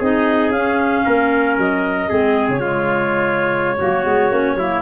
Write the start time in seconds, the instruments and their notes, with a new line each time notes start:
0.00 tuba C4, clarinet D#4 D#5, trumpet G#4
0.50 tuba C#4, clarinet C#4 F5
1.05 tuba A#3, trumpet A#4
1.58 tuba F#3, clarinet D#5
2.09 tuba G#3, clarinet C4, trumpet G#4
2.49 tuba C#3, clarinet C#5
2.60 clarinet G#3, trumpet F4
3.79 tuba F#3, clarinet A#3, trumpet F#4
4.04 tuba G#3, clarinet B3
4.32 tuba A#3, clarinet C#4
4.56 tuba F#3, clarinet A#3, trumpet E4